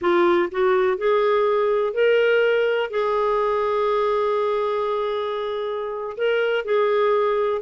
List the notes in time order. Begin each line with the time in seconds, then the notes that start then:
0.01 F4
0.51 F#4
0.97 G#4
1.93 A#4
2.90 G#4
6.17 A#4
6.64 G#4